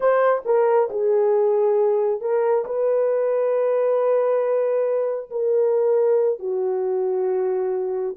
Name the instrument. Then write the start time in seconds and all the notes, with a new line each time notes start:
horn
0.00 C5
0.45 A#4
0.90 G#4
2.20 A#4
2.65 B4
5.30 A#4
6.39 F#4